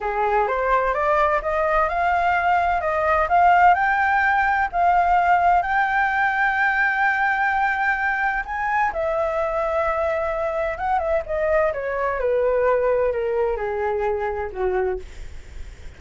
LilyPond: \new Staff \with { instrumentName = "flute" } { \time 4/4 \tempo 4 = 128 gis'4 c''4 d''4 dis''4 | f''2 dis''4 f''4 | g''2 f''2 | g''1~ |
g''2 gis''4 e''4~ | e''2. fis''8 e''8 | dis''4 cis''4 b'2 | ais'4 gis'2 fis'4 | }